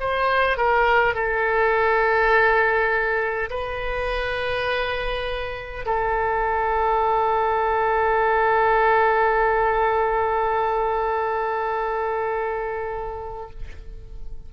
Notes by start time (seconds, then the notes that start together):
0.00 C5
0.57 A#4
1.14 A4
3.50 B4
5.86 A4